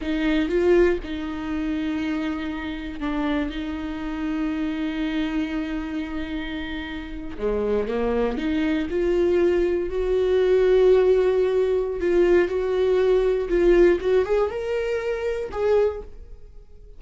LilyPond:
\new Staff \with { instrumentName = "viola" } { \time 4/4 \tempo 4 = 120 dis'4 f'4 dis'2~ | dis'2 d'4 dis'4~ | dis'1~ | dis'2~ dis'8. gis4 ais16~ |
ais8. dis'4 f'2 fis'16~ | fis'1 | f'4 fis'2 f'4 | fis'8 gis'8 ais'2 gis'4 | }